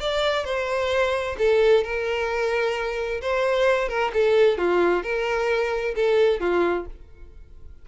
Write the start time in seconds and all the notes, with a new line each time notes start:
0.00 D5
0.45 C5
1.38 A4
1.84 A#4
3.21 C5
3.88 A#4
4.13 A4
4.58 F4
5.03 A#4
5.95 A4
6.40 F4